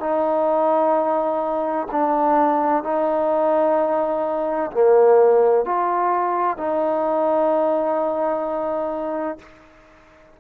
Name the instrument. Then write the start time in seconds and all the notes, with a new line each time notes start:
trombone
0.00 D#4
1.92 D4
2.84 D#4
4.71 A#3
5.65 F4
6.58 D#4